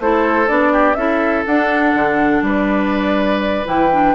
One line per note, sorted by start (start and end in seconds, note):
0.00 0.49 A3
0.00 0.47 E4
0.00 0.73 A4
0.00 0.48 C5
0.47 0.96 B3
0.47 0.96 D4
0.47 0.95 D5
0.73 0.97 G4
0.95 1.45 C#4
0.95 1.46 E4
0.95 2.44 A4
0.95 1.44 E5
1.47 1.95 D4
1.47 3.65 D4
1.47 2.44 F#5
1.95 2.43 D3
2.43 3.65 G3
2.43 4.16 B4
2.43 3.67 D5
3.65 4.16 E3
3.65 3.89 E4
3.65 4.16 G5
3.93 4.16 D4